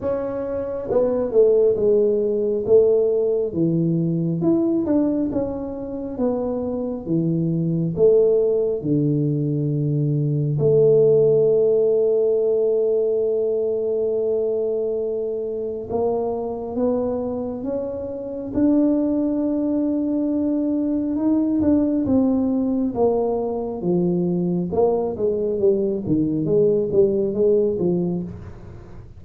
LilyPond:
\new Staff \with { instrumentName = "tuba" } { \time 4/4 \tempo 4 = 68 cis'4 b8 a8 gis4 a4 | e4 e'8 d'8 cis'4 b4 | e4 a4 d2 | a1~ |
a2 ais4 b4 | cis'4 d'2. | dis'8 d'8 c'4 ais4 f4 | ais8 gis8 g8 dis8 gis8 g8 gis8 f8 | }